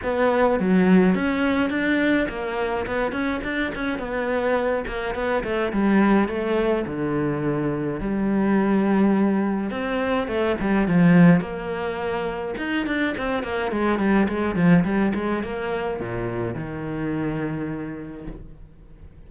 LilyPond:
\new Staff \with { instrumentName = "cello" } { \time 4/4 \tempo 4 = 105 b4 fis4 cis'4 d'4 | ais4 b8 cis'8 d'8 cis'8 b4~ | b8 ais8 b8 a8 g4 a4 | d2 g2~ |
g4 c'4 a8 g8 f4 | ais2 dis'8 d'8 c'8 ais8 | gis8 g8 gis8 f8 g8 gis8 ais4 | ais,4 dis2. | }